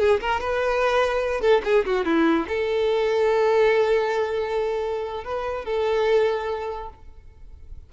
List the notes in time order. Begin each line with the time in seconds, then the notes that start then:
0.00 G#4
0.21 A#4
0.41 B4
1.42 A4
1.65 G#4
1.86 F#4
2.05 E4
2.48 A4
5.25 B4
5.66 A4